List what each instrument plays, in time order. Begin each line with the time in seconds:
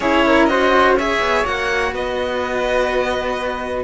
0.00 cello C#4 E4, flute G#4, violin C#5
0.26 flute A#4
0.45 cello F#4, flute C5, violin D#5
0.96 cello G#4, flute C#5, violin E5
1.20 cello B3
1.44 cello A#3 F#4, violin F#5
1.92 cello B3, flute B4, violin D#5